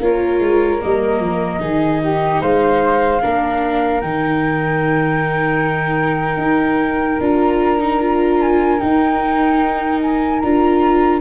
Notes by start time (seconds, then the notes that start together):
0.00 A#3 F4 A#4 C#5
0.40 G#3
0.81 G3 A#3 D#5
1.20 F3
1.60 D#3 D#4 G#4
2.04 G4
2.42 G#3 C5 F5
3.22 A#3 D4 A#4
4.01 D#3 D#4 G5
6.38 D#4
7.21 D4 F4 A#5
7.80 D#4
8.01 F4
8.42 G#5
8.80 D#4 G5
10.03 G#5
10.40 D4 F4 A#5